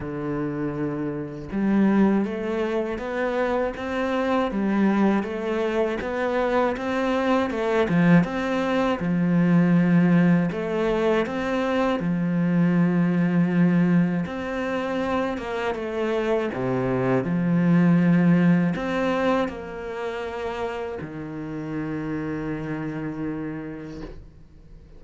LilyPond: \new Staff \with { instrumentName = "cello" } { \time 4/4 \tempo 4 = 80 d2 g4 a4 | b4 c'4 g4 a4 | b4 c'4 a8 f8 c'4 | f2 a4 c'4 |
f2. c'4~ | c'8 ais8 a4 c4 f4~ | f4 c'4 ais2 | dis1 | }